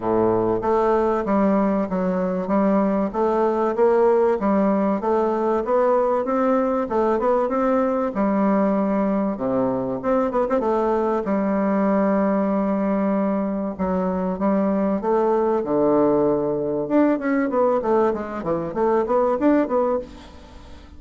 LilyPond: \new Staff \with { instrumentName = "bassoon" } { \time 4/4 \tempo 4 = 96 a,4 a4 g4 fis4 | g4 a4 ais4 g4 | a4 b4 c'4 a8 b8 | c'4 g2 c4 |
c'8 b16 c'16 a4 g2~ | g2 fis4 g4 | a4 d2 d'8 cis'8 | b8 a8 gis8 e8 a8 b8 d'8 b8 | }